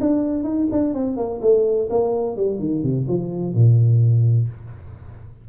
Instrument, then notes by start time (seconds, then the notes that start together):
tuba
0.00 D4
0.43 D#4
0.71 D4
0.94 C4
1.16 A#3
1.41 A3
1.90 A#3
2.36 G3
2.59 D#3
2.83 C3
3.08 F3
3.54 A#2